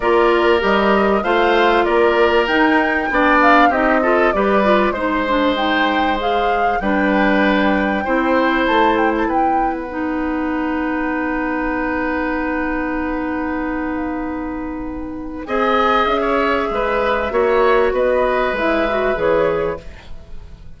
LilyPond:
<<
  \new Staff \with { instrumentName = "flute" } { \time 4/4 \tempo 4 = 97 d''4 dis''4 f''4 d''4 | g''4. f''8 dis''4 d''4 | c''4 g''4 f''4 g''4~ | g''2 a''8 g''16 a''16 g''8. fis''16~ |
fis''1~ | fis''1~ | fis''4 gis''4 e''2~ | e''4 dis''4 e''4 cis''4 | }
  \new Staff \with { instrumentName = "oboe" } { \time 4/4 ais'2 c''4 ais'4~ | ais'4 d''4 g'8 a'8 b'4 | c''2. b'4~ | b'4 c''2 b'4~ |
b'1~ | b'1~ | b'4 dis''4~ dis''16 cis''8. b'4 | cis''4 b'2. | }
  \new Staff \with { instrumentName = "clarinet" } { \time 4/4 f'4 g'4 f'2 | dis'4 d'4 dis'8 f'8 g'8 f'8 | dis'8 d'8 dis'4 gis'4 d'4~ | d'4 e'2. |
dis'1~ | dis'1~ | dis'4 gis'2. | fis'2 e'8 fis'8 gis'4 | }
  \new Staff \with { instrumentName = "bassoon" } { \time 4/4 ais4 g4 a4 ais4 | dis'4 b4 c'4 g4 | gis2. g4~ | g4 c'4 a4 b4~ |
b1~ | b1~ | b4 c'4 cis'4 gis4 | ais4 b4 gis4 e4 | }
>>